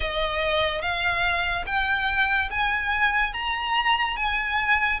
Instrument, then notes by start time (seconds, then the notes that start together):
violin
0.00 D#5
0.81 F5
1.66 G5
2.50 G#5
3.33 A#5
4.16 G#5